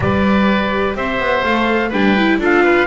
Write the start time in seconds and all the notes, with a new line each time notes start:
0.00 G3 G4 B4 D5
0.95 C4 C5 E5
1.19 B3
1.43 A3 A4 F5
1.89 G3 D4 B4 G5
2.16 E4
2.38 D4 F4 A4 F5
2.63 B4